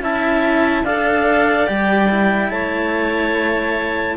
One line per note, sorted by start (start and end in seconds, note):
0.00 0.83 C#4
0.00 0.85 E4
0.00 0.84 E5
0.00 0.85 A5
0.84 1.67 D4
0.84 1.66 A4
0.84 2.51 D5
0.84 1.68 F5
1.66 2.51 G3
1.66 2.08 G4
1.66 2.50 G5
2.09 4.17 E4
2.50 4.17 A3
2.50 4.17 C#5
2.50 4.16 A5